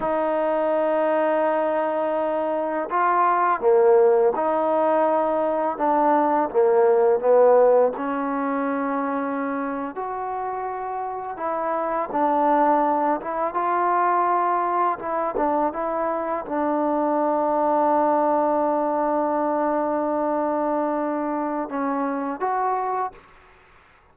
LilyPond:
\new Staff \with { instrumentName = "trombone" } { \time 4/4 \tempo 4 = 83 dis'1 | f'4 ais4 dis'2 | d'4 ais4 b4 cis'4~ | cis'4.~ cis'16 fis'2 e'16~ |
e'8. d'4. e'8 f'4~ f'16~ | f'8. e'8 d'8 e'4 d'4~ d'16~ | d'1~ | d'2 cis'4 fis'4 | }